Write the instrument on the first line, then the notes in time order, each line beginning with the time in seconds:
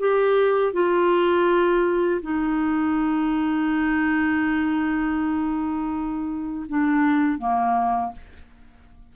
clarinet
0.00 G4
0.73 F4
2.22 D#4
6.69 D4
7.39 A#3